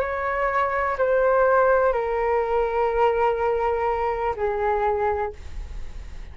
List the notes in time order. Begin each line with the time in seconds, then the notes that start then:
0.00 C#5
0.98 C5
1.93 A#4
4.36 G#4